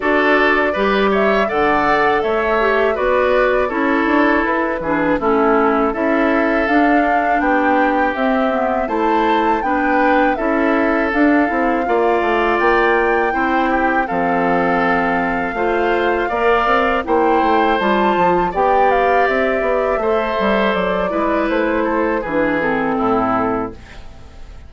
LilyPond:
<<
  \new Staff \with { instrumentName = "flute" } { \time 4/4 \tempo 4 = 81 d''4. e''8 fis''4 e''4 | d''4 cis''4 b'4 a'4 | e''4 f''4 g''4 e''4 | a''4 g''4 e''4 f''4~ |
f''4 g''2 f''4~ | f''2. g''4 | a''4 g''8 f''8 e''2 | d''4 c''4 b'8 a'4. | }
  \new Staff \with { instrumentName = "oboe" } { \time 4/4 a'4 b'8 cis''8 d''4 cis''4 | b'4 a'4. gis'8 e'4 | a'2 g'2 | c''4 b'4 a'2 |
d''2 c''8 g'8 a'4~ | a'4 c''4 d''4 c''4~ | c''4 d''2 c''4~ | c''8 b'4 a'8 gis'4 e'4 | }
  \new Staff \with { instrumentName = "clarinet" } { \time 4/4 fis'4 g'4 a'4. g'8 | fis'4 e'4. d'8 cis'4 | e'4 d'2 c'8 b8 | e'4 d'4 e'4 d'8 e'8 |
f'2 e'4 c'4~ | c'4 f'4 ais'4 e'4 | f'4 g'2 a'4~ | a'8 e'4. d'8 c'4. | }
  \new Staff \with { instrumentName = "bassoon" } { \time 4/4 d'4 g4 d4 a4 | b4 cis'8 d'8 e'8 e8 a4 | cis'4 d'4 b4 c'4 | a4 b4 cis'4 d'8 c'8 |
ais8 a8 ais4 c'4 f4~ | f4 a4 ais8 c'8 ais8 a8 | g8 f8 b4 c'8 b8 a8 g8 | fis8 gis8 a4 e4 a,4 | }
>>